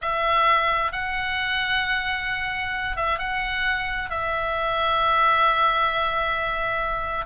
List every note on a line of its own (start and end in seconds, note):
0.01 0.92 E5
0.92 2.96 F#5
2.96 3.19 E5
3.19 4.10 F#5
4.10 7.25 E5